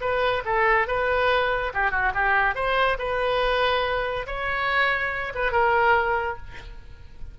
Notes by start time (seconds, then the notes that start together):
0.00 B4
0.45 A4
0.87 B4
1.74 G4
1.91 F#4
2.14 G4
2.55 C5
2.98 B4
4.26 C#5
5.34 B4
5.51 A#4